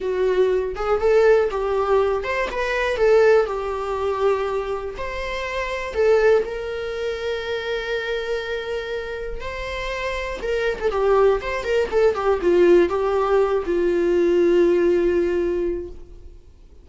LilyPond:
\new Staff \with { instrumentName = "viola" } { \time 4/4 \tempo 4 = 121 fis'4. gis'8 a'4 g'4~ | g'8 c''8 b'4 a'4 g'4~ | g'2 c''2 | a'4 ais'2.~ |
ais'2. c''4~ | c''4 ais'8. a'16 g'4 c''8 ais'8 | a'8 g'8 f'4 g'4. f'8~ | f'1 | }